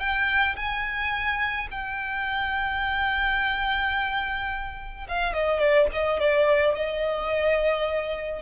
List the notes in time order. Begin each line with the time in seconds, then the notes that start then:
0.00 G5
0.57 G#5
1.71 G5
5.08 F5
5.34 D#5
5.60 D5
5.93 D#5
6.20 D5
6.75 D#5